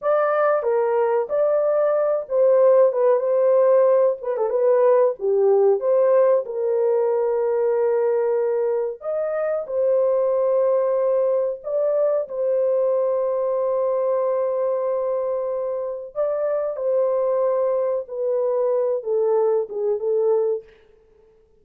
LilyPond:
\new Staff \with { instrumentName = "horn" } { \time 4/4 \tempo 4 = 93 d''4 ais'4 d''4. c''8~ | c''8 b'8 c''4. b'16 a'16 b'4 | g'4 c''4 ais'2~ | ais'2 dis''4 c''4~ |
c''2 d''4 c''4~ | c''1~ | c''4 d''4 c''2 | b'4. a'4 gis'8 a'4 | }